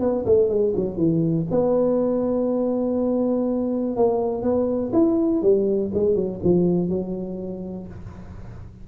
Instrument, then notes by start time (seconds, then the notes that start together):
tuba
0.00 B3
0.26 A3
0.49 G#3
0.76 F#3
0.97 E3
1.51 B3
3.97 A#3
4.42 B3
4.93 E4
5.42 G3
5.94 G#3
6.15 F#3
6.44 F3
6.89 F#3